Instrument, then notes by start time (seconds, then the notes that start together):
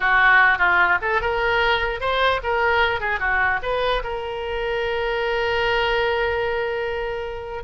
oboe
0.00 F#4
0.58 F4
1.01 A4
1.21 A#4
2.00 C5
2.43 A#4
3.00 G#4
3.19 F#4
3.62 B4
4.03 A#4